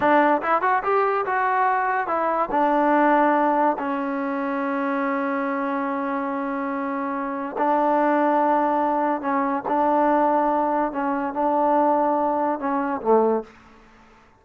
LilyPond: \new Staff \with { instrumentName = "trombone" } { \time 4/4 \tempo 4 = 143 d'4 e'8 fis'8 g'4 fis'4~ | fis'4 e'4 d'2~ | d'4 cis'2.~ | cis'1~ |
cis'2 d'2~ | d'2 cis'4 d'4~ | d'2 cis'4 d'4~ | d'2 cis'4 a4 | }